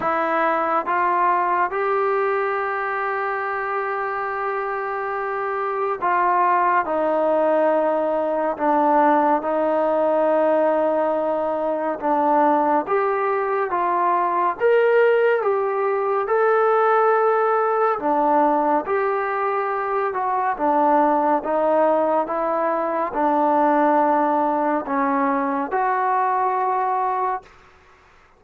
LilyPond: \new Staff \with { instrumentName = "trombone" } { \time 4/4 \tempo 4 = 70 e'4 f'4 g'2~ | g'2. f'4 | dis'2 d'4 dis'4~ | dis'2 d'4 g'4 |
f'4 ais'4 g'4 a'4~ | a'4 d'4 g'4. fis'8 | d'4 dis'4 e'4 d'4~ | d'4 cis'4 fis'2 | }